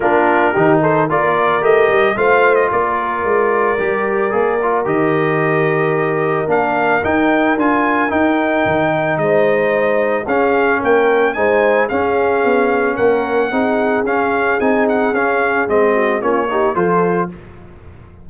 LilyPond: <<
  \new Staff \with { instrumentName = "trumpet" } { \time 4/4 \tempo 4 = 111 ais'4. c''8 d''4 dis''4 | f''8. dis''16 d''2.~ | d''4 dis''2. | f''4 g''4 gis''4 g''4~ |
g''4 dis''2 f''4 | g''4 gis''4 f''2 | fis''2 f''4 gis''8 fis''8 | f''4 dis''4 cis''4 c''4 | }
  \new Staff \with { instrumentName = "horn" } { \time 4/4 f'4 g'8 a'8 ais'2 | c''4 ais'2.~ | ais'1~ | ais'1~ |
ais'4 c''2 gis'4 | ais'4 c''4 gis'2 | ais'4 gis'2.~ | gis'4. fis'8 f'8 g'8 a'4 | }
  \new Staff \with { instrumentName = "trombone" } { \time 4/4 d'4 dis'4 f'4 g'4 | f'2. g'4 | gis'8 f'8 g'2. | d'4 dis'4 f'4 dis'4~ |
dis'2. cis'4~ | cis'4 dis'4 cis'2~ | cis'4 dis'4 cis'4 dis'4 | cis'4 c'4 cis'8 dis'8 f'4 | }
  \new Staff \with { instrumentName = "tuba" } { \time 4/4 ais4 dis4 ais4 a8 g8 | a4 ais4 gis4 g4 | ais4 dis2. | ais4 dis'4 d'4 dis'4 |
dis4 gis2 cis'4 | ais4 gis4 cis'4 b4 | ais4 c'4 cis'4 c'4 | cis'4 gis4 ais4 f4 | }
>>